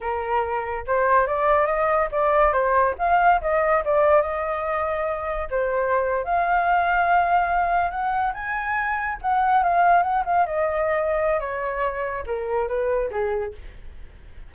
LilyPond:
\new Staff \with { instrumentName = "flute" } { \time 4/4 \tempo 4 = 142 ais'2 c''4 d''4 | dis''4 d''4 c''4 f''4 | dis''4 d''4 dis''2~ | dis''4 c''4.~ c''16 f''4~ f''16~ |
f''2~ f''8. fis''4 gis''16~ | gis''4.~ gis''16 fis''4 f''4 fis''16~ | fis''16 f''8 dis''2~ dis''16 cis''4~ | cis''4 ais'4 b'4 gis'4 | }